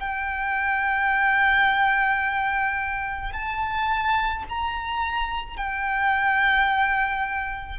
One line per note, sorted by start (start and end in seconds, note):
0.00 3.33 G5
3.33 4.44 A5
4.49 5.57 A#5
5.57 7.79 G5